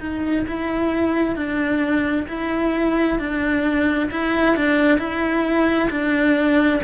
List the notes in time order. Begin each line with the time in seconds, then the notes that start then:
0.00 D#4
0.48 E4
1.36 D4
2.28 E4
3.19 D4
4.11 E4
4.56 D4
4.98 E4
5.90 D4